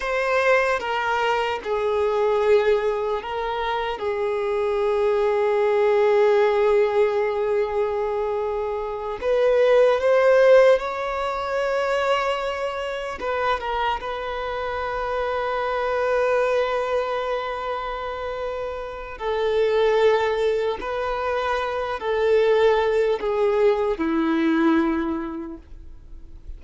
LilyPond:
\new Staff \with { instrumentName = "violin" } { \time 4/4 \tempo 4 = 75 c''4 ais'4 gis'2 | ais'4 gis'2.~ | gis'2.~ gis'8 b'8~ | b'8 c''4 cis''2~ cis''8~ |
cis''8 b'8 ais'8 b'2~ b'8~ | b'1 | a'2 b'4. a'8~ | a'4 gis'4 e'2 | }